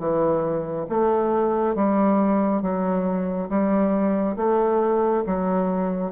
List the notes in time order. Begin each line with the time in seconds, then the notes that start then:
0.00 E3
0.89 A3
1.75 G3
2.62 F#3
3.50 G3
4.37 A3
5.27 F#3